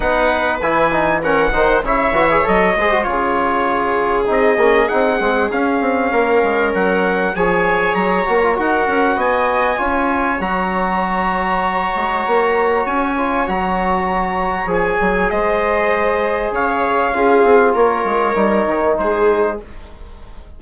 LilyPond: <<
  \new Staff \with { instrumentName = "trumpet" } { \time 4/4 \tempo 4 = 98 fis''4 gis''4 fis''4 e''4 | dis''4 cis''2 dis''4 | fis''4 f''2 fis''4 | gis''4 ais''4 fis''4 gis''4~ |
gis''4 ais''2.~ | ais''4 gis''4 ais''2 | gis''4 dis''2 f''4~ | f''4 cis''2 c''4 | }
  \new Staff \with { instrumentName = "viola" } { \time 4/4 b'2 ais'8 c''8 cis''4~ | cis''8 c''8 gis'2.~ | gis'2 ais'2 | cis''2 ais'4 dis''4 |
cis''1~ | cis''1~ | cis''4 c''2 cis''4 | gis'4 ais'2 gis'4 | }
  \new Staff \with { instrumentName = "trombone" } { \time 4/4 dis'4 e'8 dis'8 cis'8 dis'8 e'8 fis'16 gis'16 | a'8 gis'16 fis'16 f'2 dis'8 cis'8 | dis'8 c'8 cis'2. | gis'4. fis'16 f'16 fis'2 |
f'4 fis'2.~ | fis'4. f'8 fis'2 | gis'1 | f'2 dis'2 | }
  \new Staff \with { instrumentName = "bassoon" } { \time 4/4 b4 e4. dis8 cis8 e8 | fis8 gis8 cis2 c'8 ais8 | c'8 gis8 cis'8 c'8 ais8 gis8 fis4 | f4 fis8 ais8 dis'8 cis'8 b4 |
cis'4 fis2~ fis8 gis8 | ais4 cis'4 fis2 | f8 fis8 gis2 cis4 | cis'8 c'8 ais8 gis8 g8 dis8 gis4 | }
>>